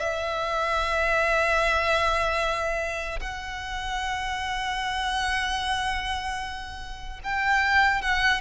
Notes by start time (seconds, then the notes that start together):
0.00 E5
3.20 F#5
7.24 G5
8.02 F#5